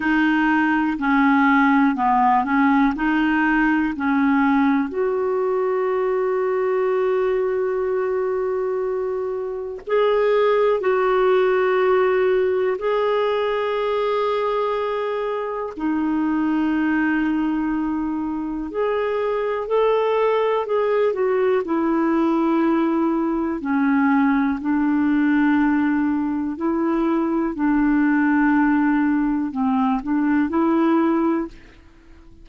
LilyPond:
\new Staff \with { instrumentName = "clarinet" } { \time 4/4 \tempo 4 = 61 dis'4 cis'4 b8 cis'8 dis'4 | cis'4 fis'2.~ | fis'2 gis'4 fis'4~ | fis'4 gis'2. |
dis'2. gis'4 | a'4 gis'8 fis'8 e'2 | cis'4 d'2 e'4 | d'2 c'8 d'8 e'4 | }